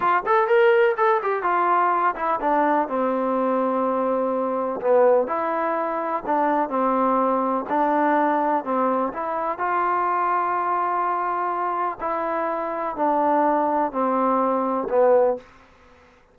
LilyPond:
\new Staff \with { instrumentName = "trombone" } { \time 4/4 \tempo 4 = 125 f'8 a'8 ais'4 a'8 g'8 f'4~ | f'8 e'8 d'4 c'2~ | c'2 b4 e'4~ | e'4 d'4 c'2 |
d'2 c'4 e'4 | f'1~ | f'4 e'2 d'4~ | d'4 c'2 b4 | }